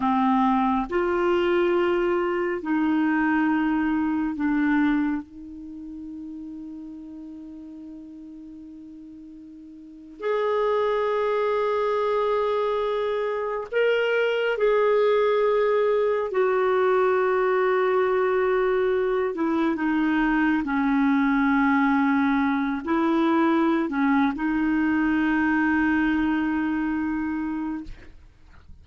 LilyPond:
\new Staff \with { instrumentName = "clarinet" } { \time 4/4 \tempo 4 = 69 c'4 f'2 dis'4~ | dis'4 d'4 dis'2~ | dis'2.~ dis'8. gis'16~ | gis'2.~ gis'8. ais'16~ |
ais'8. gis'2 fis'4~ fis'16~ | fis'2~ fis'16 e'8 dis'4 cis'16~ | cis'2~ cis'16 e'4~ e'16 cis'8 | dis'1 | }